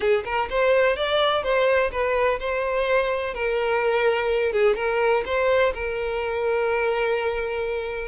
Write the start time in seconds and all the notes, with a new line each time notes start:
0.00 G#4
0.24 A#4
0.50 C5
0.96 D5
1.43 C5
1.91 B4
2.39 C5
3.33 A#4
4.52 G#4
4.75 A#4
5.25 C5
5.74 A#4